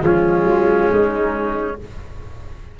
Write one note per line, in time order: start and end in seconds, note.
0.00 0.43 F3
0.00 1.74 G#3
0.00 1.79 C#4
0.00 0.90 F4
0.43 0.86 F#3
0.90 1.78 G#3
0.90 1.77 D#4